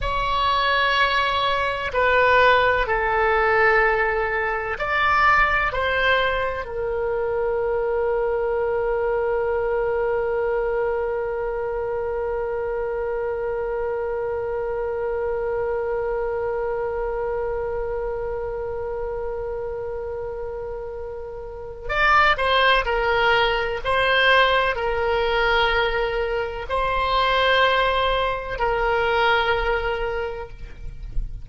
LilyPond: \new Staff \with { instrumentName = "oboe" } { \time 4/4 \tempo 4 = 63 cis''2 b'4 a'4~ | a'4 d''4 c''4 ais'4~ | ais'1~ | ais'1~ |
ais'1~ | ais'2. d''8 c''8 | ais'4 c''4 ais'2 | c''2 ais'2 | }